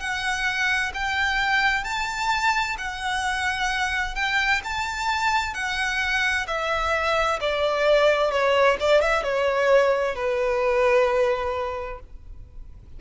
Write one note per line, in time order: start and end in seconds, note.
0.00 0.92 F#5
0.94 1.84 G5
1.84 2.77 A5
2.78 4.15 F#5
4.15 4.62 G5
4.64 5.54 A5
5.54 6.47 F#5
6.47 7.40 E5
7.41 8.31 D5
8.31 8.77 C#5
8.80 9.02 D5
9.02 9.23 E5
9.23 10.15 C#5
10.15 12.00 B4